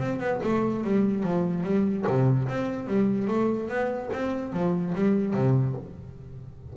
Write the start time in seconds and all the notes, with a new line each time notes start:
0.00 C4
0.20 B3
0.43 A3
0.84 G3
1.23 F3
1.64 G3
2.07 C3
2.49 C4
2.87 G3
3.28 A3
3.69 B3
4.13 C4
4.53 F3
4.95 G3
5.34 C3